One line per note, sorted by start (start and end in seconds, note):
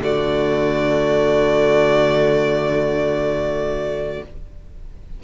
0.00 4.20 D3
0.00 4.22 A3
0.00 4.23 F#4
0.00 4.24 D5